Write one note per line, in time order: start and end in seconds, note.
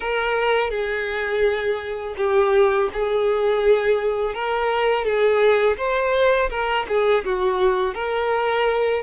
0.00 0.70 A#4
0.70 2.15 G#4
2.17 2.89 G4
2.93 4.34 G#4
4.34 5.04 A#4
5.04 5.76 G#4
5.77 6.49 C5
6.50 6.86 A#4
6.88 7.24 G#4
7.24 7.94 F#4
7.94 9.02 A#4